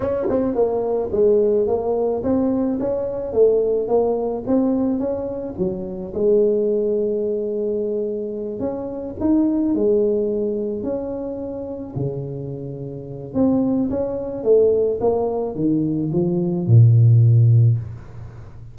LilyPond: \new Staff \with { instrumentName = "tuba" } { \time 4/4 \tempo 4 = 108 cis'8 c'8 ais4 gis4 ais4 | c'4 cis'4 a4 ais4 | c'4 cis'4 fis4 gis4~ | gis2.~ gis8 cis'8~ |
cis'8 dis'4 gis2 cis'8~ | cis'4. cis2~ cis8 | c'4 cis'4 a4 ais4 | dis4 f4 ais,2 | }